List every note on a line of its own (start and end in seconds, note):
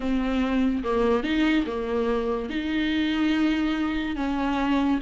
0.00 0.83 C4
0.83 1.23 A#3
1.23 1.65 D#4
1.66 2.49 A#3
2.49 4.16 D#4
4.16 4.99 C#4